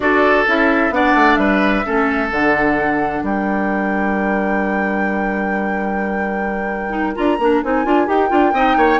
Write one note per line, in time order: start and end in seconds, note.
0.00 0.45 D4
0.00 0.46 F#4
0.00 0.94 A4
0.00 0.45 D5
0.47 0.90 C#4
0.47 0.92 E4
0.47 0.93 E5
0.90 1.13 B3
0.90 1.84 D4
0.90 1.39 D5
0.90 1.35 F#5
1.14 1.37 A3
1.35 1.83 G3
1.35 1.85 B4
1.35 2.27 E5
1.85 2.31 A3
1.85 2.29 C#4
1.85 3.23 A4
2.29 3.22 D3
2.29 6.89 D4
2.29 3.24 F#5
3.22 7.15 G3
3.22 8.54 A#4
3.22 7.15 G5
6.89 7.12 D#4
7.15 7.39 D4
7.15 7.38 F4
7.15 7.62 A#5
7.39 7.62 A#3
7.39 7.64 D4
7.63 7.85 C4
7.63 7.85 D#4
7.63 8.08 G#5
7.85 8.07 D4
7.85 8.07 F4
8.07 8.30 D#4
8.07 8.29 G4
8.07 9.00 G5
8.29 8.53 D4
8.29 8.52 F4
8.53 8.76 C4
8.53 9.00 D#4
8.53 8.77 D#5
8.76 8.99 A#3
8.76 9.00 C#5